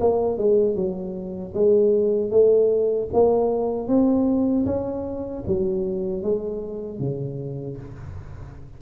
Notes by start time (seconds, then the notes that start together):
0.00 A#3
0.38 G#3
0.75 F#3
1.54 G#3
2.31 A3
3.13 A#3
3.87 C4
4.66 C#4
5.47 F#3
6.23 G#3
6.99 C#3